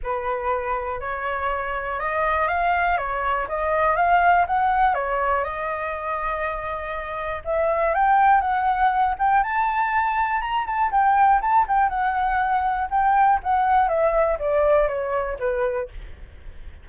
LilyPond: \new Staff \with { instrumentName = "flute" } { \time 4/4 \tempo 4 = 121 b'2 cis''2 | dis''4 f''4 cis''4 dis''4 | f''4 fis''4 cis''4 dis''4~ | dis''2. e''4 |
g''4 fis''4. g''8 a''4~ | a''4 ais''8 a''8 g''4 a''8 g''8 | fis''2 g''4 fis''4 | e''4 d''4 cis''4 b'4 | }